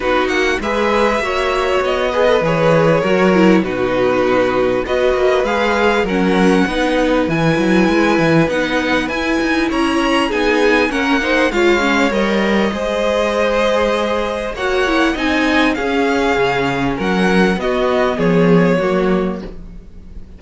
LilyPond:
<<
  \new Staff \with { instrumentName = "violin" } { \time 4/4 \tempo 4 = 99 b'8 fis''8 e''2 dis''4 | cis''2 b'2 | dis''4 f''4 fis''2 | gis''2 fis''4 gis''4 |
ais''4 gis''4 fis''4 f''4 | dis''1 | fis''4 gis''4 f''2 | fis''4 dis''4 cis''2 | }
  \new Staff \with { instrumentName = "violin" } { \time 4/4 fis'4 b'4 cis''4. b'8~ | b'4 ais'4 fis'2 | b'2 ais'4 b'4~ | b'1 |
cis''4 gis'4 ais'8 c''8 cis''4~ | cis''4 c''2. | cis''4 dis''4 gis'2 | ais'4 fis'4 gis'4 fis'4 | }
  \new Staff \with { instrumentName = "viola" } { \time 4/4 dis'4 gis'4 fis'4. gis'16 a'16 | gis'4 fis'8 e'8 dis'2 | fis'4 gis'4 cis'4 dis'4 | e'2 dis'4 e'4~ |
e'4 dis'4 cis'8 dis'8 f'8 cis'8 | ais'4 gis'2. | fis'8 e'8 dis'4 cis'2~ | cis'4 b2 ais4 | }
  \new Staff \with { instrumentName = "cello" } { \time 4/4 b8 ais8 gis4 ais4 b4 | e4 fis4 b,2 | b8 ais8 gis4 fis4 b4 | e8 fis8 gis8 e8 b4 e'8 dis'8 |
cis'4 b4 ais4 gis4 | g4 gis2. | ais4 c'4 cis'4 cis4 | fis4 b4 f4 fis4 | }
>>